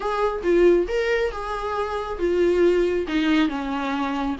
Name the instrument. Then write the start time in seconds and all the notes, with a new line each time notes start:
viola
0.00 G#4
0.43 F4
0.88 A#4
1.31 G#4
2.18 F4
3.07 D#4
3.48 C#4